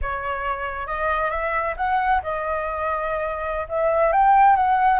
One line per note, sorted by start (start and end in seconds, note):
0.01 0.87 C#5
0.87 1.30 D#5
1.30 1.75 E5
1.77 2.21 F#5
2.22 3.67 D#5
3.68 4.12 E5
4.12 4.56 G5
4.56 4.99 F#5